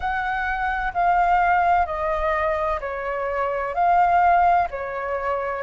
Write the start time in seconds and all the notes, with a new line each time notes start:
0.00 F#5
0.93 F5
1.85 D#5
2.80 C#5
3.74 F5
4.70 C#5